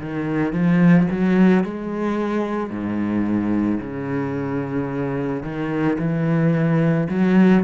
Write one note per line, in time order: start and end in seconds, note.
0.00 0.53 D#3
0.53 1.07 F3
1.11 1.64 F#3
1.64 2.70 G#3
2.70 3.79 G#2
3.81 5.43 C#3
5.43 5.98 D#3
5.99 7.08 E3
7.10 7.64 F#3